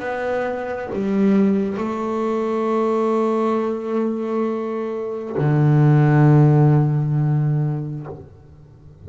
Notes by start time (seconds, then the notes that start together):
0.00 B3
0.94 G3
1.78 A3
5.38 D3